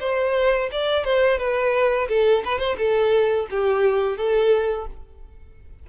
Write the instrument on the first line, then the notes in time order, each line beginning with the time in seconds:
violin
0.00 C5
0.72 D5
1.05 C5
1.38 B4
2.08 A4
2.45 B4
2.59 C5
2.78 A4
3.51 G4
4.17 A4